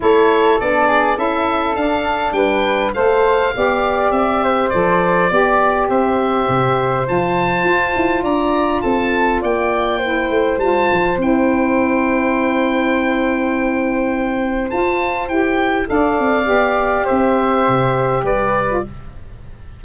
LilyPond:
<<
  \new Staff \with { instrumentName = "oboe" } { \time 4/4 \tempo 4 = 102 cis''4 d''4 e''4 f''4 | g''4 f''2 e''4 | d''2 e''2 | a''2 ais''4 a''4 |
g''2 a''4 g''4~ | g''1~ | g''4 a''4 g''4 f''4~ | f''4 e''2 d''4 | }
  \new Staff \with { instrumentName = "flute" } { \time 4/4 a'4. gis'8 a'2 | b'4 c''4 d''4. c''8~ | c''4 d''4 c''2~ | c''2 d''4 a'4 |
d''4 c''2.~ | c''1~ | c''2. d''4~ | d''4 c''2 b'4 | }
  \new Staff \with { instrumentName = "saxophone" } { \time 4/4 e'4 d'4 e'4 d'4~ | d'4 a'4 g'2 | a'4 g'2. | f'1~ |
f'4 e'4 f'4 e'4~ | e'1~ | e'4 f'4 g'4 a'4 | g'2.~ g'8. f'16 | }
  \new Staff \with { instrumentName = "tuba" } { \time 4/4 a4 b4 cis'4 d'4 | g4 a4 b4 c'4 | f4 b4 c'4 c4 | f4 f'8 e'8 d'4 c'4 |
ais4. a8 g8 f8 c'4~ | c'1~ | c'4 f'4 e'4 d'8 c'8 | b4 c'4 c4 g4 | }
>>